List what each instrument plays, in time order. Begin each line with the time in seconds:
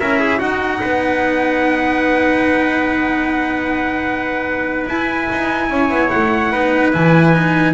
0.00 double bass C#4, cello E4, trumpet A#4 E5
0.20 trumpet G#4
0.38 cello D#4, double bass D#4, trumpet F#4 F#5
0.80 double bass B3, trumpet B4
4.87 double bass E4, cello E4, trumpet G#5
5.32 double bass D#4
5.70 double bass C#4, trumpet C#5
5.90 double bass B3
6.10 double bass A3, trumpet F#5
6.52 double bass B3, cello D#4, trumpet B4
6.93 double bass E3, cello E4, trumpet G#5
7.33 cello D#4